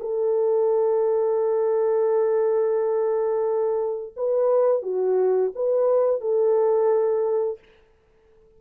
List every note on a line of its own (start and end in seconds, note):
0.00 4.14 A4
4.16 4.82 B4
4.82 5.51 F#4
5.55 6.21 B4
6.21 7.59 A4